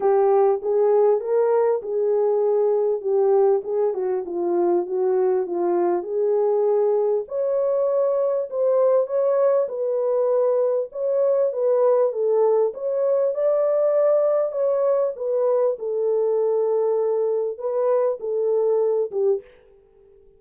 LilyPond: \new Staff \with { instrumentName = "horn" } { \time 4/4 \tempo 4 = 99 g'4 gis'4 ais'4 gis'4~ | gis'4 g'4 gis'8 fis'8 f'4 | fis'4 f'4 gis'2 | cis''2 c''4 cis''4 |
b'2 cis''4 b'4 | a'4 cis''4 d''2 | cis''4 b'4 a'2~ | a'4 b'4 a'4. g'8 | }